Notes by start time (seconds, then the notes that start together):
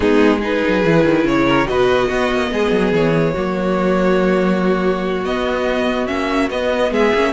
0.00 G#3 B3 D#4 G#4
0.39 D#4 G#4 B4
0.67 F#3
0.85 E3 E4
1.04 D#3
1.24 C#3 C#5
1.46 A#4
1.66 B2 F#4 B4 D#5
2.07 B3 F#4
2.32 A#3
2.51 G#3 G#4
2.70 F#3
2.92 E3 C#5
3.33 F#3 A#3 F#4
5.24 B3 D#5
6.06 A#3 C#4 E5
6.50 B3 D#5
6.91 G#3 G#4 E5
7.14 A#3 C#4